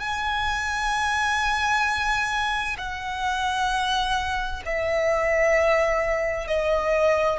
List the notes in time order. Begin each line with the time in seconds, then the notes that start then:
0.00 G#5
2.78 F#5
4.66 E5
6.48 D#5